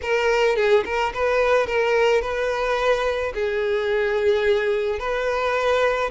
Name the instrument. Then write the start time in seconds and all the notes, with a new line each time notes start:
violin
0.02 A#4
0.56 G#4
0.85 A#4
1.13 B4
1.66 A#4
2.21 B4
3.34 G#4
4.99 B4